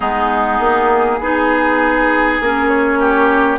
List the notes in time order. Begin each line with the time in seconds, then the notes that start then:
0.00 G#3 B3 D#4 G#4
0.59 A#3
1.19 B3 D#4 G#4
2.40 A#3 C#4 A#4
2.68 C#5
2.99 G4